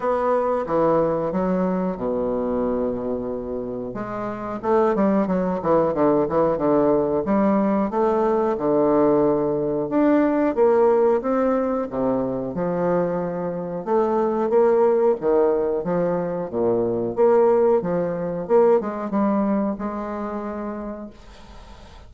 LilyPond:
\new Staff \with { instrumentName = "bassoon" } { \time 4/4 \tempo 4 = 91 b4 e4 fis4 b,4~ | b,2 gis4 a8 g8 | fis8 e8 d8 e8 d4 g4 | a4 d2 d'4 |
ais4 c'4 c4 f4~ | f4 a4 ais4 dis4 | f4 ais,4 ais4 f4 | ais8 gis8 g4 gis2 | }